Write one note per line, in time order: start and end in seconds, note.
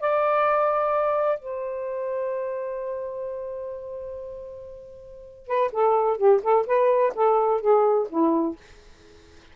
0.00 1.39 D5
1.39 5.47 C5
5.47 5.71 B4
5.72 6.17 A4
6.17 6.40 G4
6.43 6.66 A4
6.66 7.13 B4
7.15 7.61 A4
7.61 8.08 G#4
8.09 8.56 E4